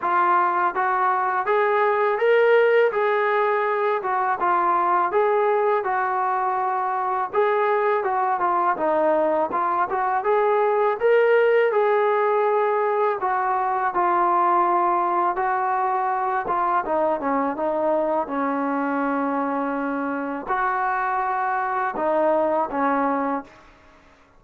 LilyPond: \new Staff \with { instrumentName = "trombone" } { \time 4/4 \tempo 4 = 82 f'4 fis'4 gis'4 ais'4 | gis'4. fis'8 f'4 gis'4 | fis'2 gis'4 fis'8 f'8 | dis'4 f'8 fis'8 gis'4 ais'4 |
gis'2 fis'4 f'4~ | f'4 fis'4. f'8 dis'8 cis'8 | dis'4 cis'2. | fis'2 dis'4 cis'4 | }